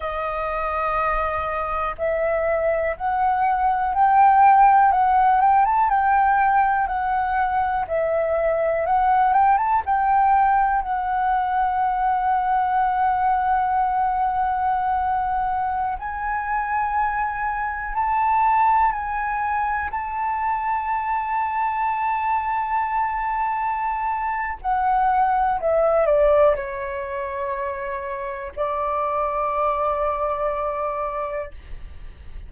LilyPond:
\new Staff \with { instrumentName = "flute" } { \time 4/4 \tempo 4 = 61 dis''2 e''4 fis''4 | g''4 fis''8 g''16 a''16 g''4 fis''4 | e''4 fis''8 g''16 a''16 g''4 fis''4~ | fis''1~ |
fis''16 gis''2 a''4 gis''8.~ | gis''16 a''2.~ a''8.~ | a''4 fis''4 e''8 d''8 cis''4~ | cis''4 d''2. | }